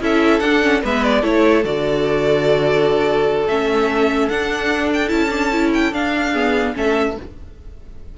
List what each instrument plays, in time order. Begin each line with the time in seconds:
0.00 cello C#4, viola E4, violin A4 E5
0.40 cello D4, viola D4, violin F#5
0.61 viola C#4
0.82 cello G#3, viola B3, violin B4 E5
1.03 violin D5
1.21 cello A3, viola E4, violin A4 C#5
1.64 cello D3, viola F#4, violin D5
3.47 cello A3, viola C#4, violin E5
4.28 cello D4, viola D4, violin F#5
4.93 violin G5
5.08 cello C#4, viola E4, violin A5
5.30 viola D4
5.52 viola E4
5.74 violin G5
5.92 viola D4, cello D4, violin F5
6.32 viola B3, violin G#4
6.74 cello A3, viola C#4, violin A4 E5